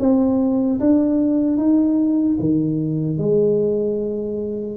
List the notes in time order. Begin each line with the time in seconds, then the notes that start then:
0.00 C4
0.80 D4
1.57 D#4
2.40 D#3
3.18 G#3